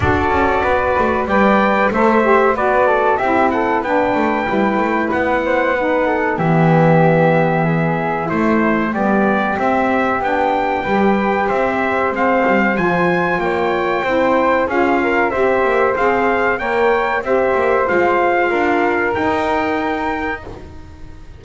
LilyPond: <<
  \new Staff \with { instrumentName = "trumpet" } { \time 4/4 \tempo 4 = 94 d''2 g''4 e''4 | d''4 e''8 fis''8 g''2 | fis''2 e''2~ | e''4 c''4 d''4 e''4 |
g''2 e''4 f''4 | gis''4 g''2 f''4 | e''4 f''4 g''4 e''4 | f''2 g''2 | }
  \new Staff \with { instrumentName = "flute" } { \time 4/4 a'4 b'4 d''4 c''4 | b'8 a'8 g'8 a'8 b'2~ | b'8 c''8 b'8 a'8 g'2 | gis'4 e'4 g'2~ |
g'4 b'4 c''2~ | c''4 cis''4 c''4 gis'8 ais'8 | c''2 cis''4 c''4~ | c''4 ais'2. | }
  \new Staff \with { instrumentName = "saxophone" } { \time 4/4 fis'2 b'4 a'8 g'8 | fis'4 e'4 d'4 e'4~ | e'4 dis'4 b2~ | b4 a4 b4 c'4 |
d'4 g'2 c'4 | f'2 e'4 f'4 | g'4 gis'4 ais'4 g'4 | f'2 dis'2 | }
  \new Staff \with { instrumentName = "double bass" } { \time 4/4 d'8 cis'8 b8 a8 g4 a4 | b4 c'4 b8 a8 g8 a8 | b2 e2~ | e4 a4 g4 c'4 |
b4 g4 c'4 gis8 g8 | f4 ais4 c'4 cis'4 | c'8 ais8 c'4 ais4 c'8 ais8 | gis4 d'4 dis'2 | }
>>